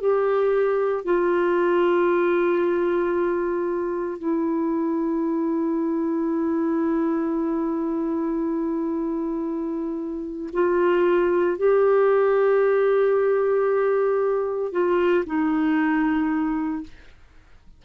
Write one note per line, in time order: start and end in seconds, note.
0.00 1.05 G4
1.05 4.19 F4
4.19 10.50 E4
10.53 11.58 F4
11.58 14.72 G4
14.72 15.24 F4
15.26 16.84 D#4